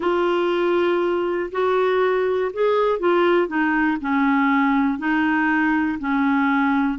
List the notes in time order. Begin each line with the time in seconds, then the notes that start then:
0.00 F4
1.51 F#4
2.53 G#4
2.99 F4
3.47 D#4
4.00 C#4
4.98 D#4
5.99 C#4